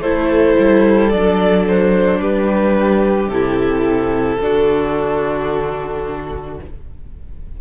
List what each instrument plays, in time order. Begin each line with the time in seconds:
0.00 cello A3, viola E4, violin A4 C5
0.58 cello G3
1.09 cello F#3, viola D4, violin D5
1.67 violin C5
2.20 cello G3, violin G4 B4
3.27 cello C3, viola E4, violin A4
4.40 cello D3, viola D4, violin F#4